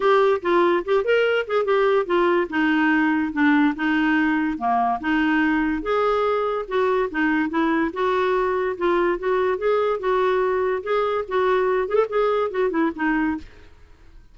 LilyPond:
\new Staff \with { instrumentName = "clarinet" } { \time 4/4 \tempo 4 = 144 g'4 f'4 g'8 ais'4 gis'8 | g'4 f'4 dis'2 | d'4 dis'2 ais4 | dis'2 gis'2 |
fis'4 dis'4 e'4 fis'4~ | fis'4 f'4 fis'4 gis'4 | fis'2 gis'4 fis'4~ | fis'8 gis'16 a'16 gis'4 fis'8 e'8 dis'4 | }